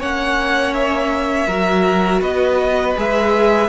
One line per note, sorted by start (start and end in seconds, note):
0.00 1.47 A#3
0.00 1.48 C#4
0.00 1.47 C#5
0.00 0.74 F#5
0.74 2.22 E5
1.47 2.21 F#3
1.47 2.96 F#4
1.47 2.21 A#4
2.22 2.96 B3
2.22 3.70 B4
2.22 2.97 D#5
2.96 3.70 G#3
2.96 3.70 G#4
2.96 3.70 E5